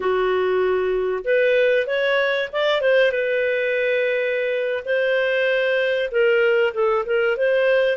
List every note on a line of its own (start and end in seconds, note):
0.00 1.24 F#4
1.24 1.86 B4
1.86 2.49 C#5
2.52 2.81 D5
2.81 3.11 C5
3.11 4.83 B4
4.85 6.10 C5
6.11 6.73 A#4
6.74 7.05 A4
7.05 7.36 A#4
7.37 7.97 C5